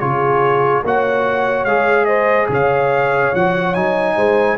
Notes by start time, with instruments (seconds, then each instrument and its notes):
0.00 tuba C#3, trombone F4, horn G#4, trumpet C#5
0.84 tuba A#3, trombone F#4, horn C#5, trumpet F#5
1.65 tuba G#3, trombone G#4, trumpet F5
2.05 horn C5, trumpet D#5
2.49 tuba C#3, horn C#5, trumpet F5
3.35 tuba F3, trombone F#4, trumpet F#5
3.74 tuba F#3, trombone D#4, trumpet G#5
4.16 tuba G#3, horn C5